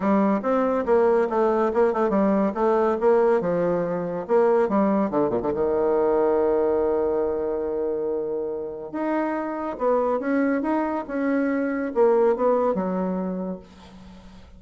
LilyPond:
\new Staff \with { instrumentName = "bassoon" } { \time 4/4 \tempo 4 = 141 g4 c'4 ais4 a4 | ais8 a8 g4 a4 ais4 | f2 ais4 g4 | d8 ais,16 d16 dis2.~ |
dis1~ | dis4 dis'2 b4 | cis'4 dis'4 cis'2 | ais4 b4 fis2 | }